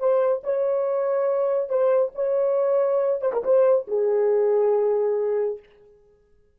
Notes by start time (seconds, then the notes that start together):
0.00 C5
0.44 C#5
1.70 C5
2.15 C#5
3.22 C5
3.33 A#4
3.44 C5
3.88 G#4